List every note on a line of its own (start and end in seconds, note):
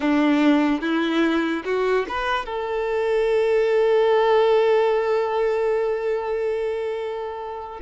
0.00 0.81 D4
0.81 1.63 E4
1.64 2.05 F#4
2.08 2.45 B4
2.45 7.80 A4